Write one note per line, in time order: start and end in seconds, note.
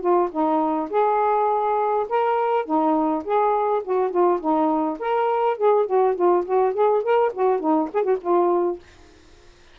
0.00 0.29 F4
0.31 0.89 D#4
0.90 2.07 G#4
2.09 2.65 A#4
2.65 3.24 D#4
3.24 3.83 G#4
3.84 4.11 F#4
4.11 4.40 F4
4.40 4.98 D#4
4.99 5.57 A#4
5.57 5.86 G#4
5.86 6.15 F#4
6.16 6.45 F4
6.45 6.74 F#4
6.74 7.03 G#4
7.03 7.32 A#4
7.33 7.60 F#4
7.60 7.89 D#4
7.94 8.03 G#4
8.03 8.17 F#4
8.21 8.79 F4